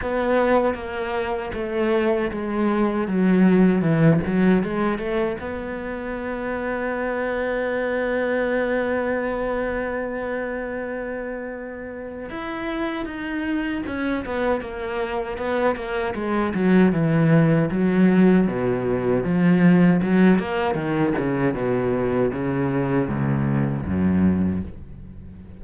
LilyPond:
\new Staff \with { instrumentName = "cello" } { \time 4/4 \tempo 4 = 78 b4 ais4 a4 gis4 | fis4 e8 fis8 gis8 a8 b4~ | b1~ | b1 |
e'4 dis'4 cis'8 b8 ais4 | b8 ais8 gis8 fis8 e4 fis4 | b,4 f4 fis8 ais8 dis8 cis8 | b,4 cis4 cis,4 fis,4 | }